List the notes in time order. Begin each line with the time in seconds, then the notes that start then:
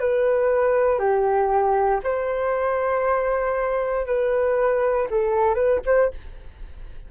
0.00 B4
0.99 G4
2.04 C5
4.07 B4
5.11 A4
5.55 B4
5.86 C5